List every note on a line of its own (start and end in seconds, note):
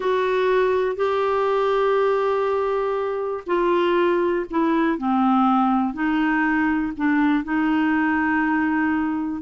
0.00 0.96 F#4
0.96 3.43 G4
3.46 4.45 F4
4.50 4.97 E4
4.97 5.93 C4
5.93 6.93 D#4
6.96 7.44 D4
7.44 9.42 D#4